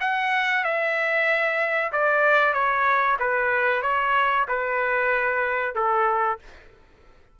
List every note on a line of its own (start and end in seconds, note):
0.00 0.64 F#5
0.64 1.92 E5
1.92 2.53 D5
2.53 3.17 C#5
3.19 3.82 B4
3.82 4.46 C#5
4.48 5.75 B4
5.75 6.39 A4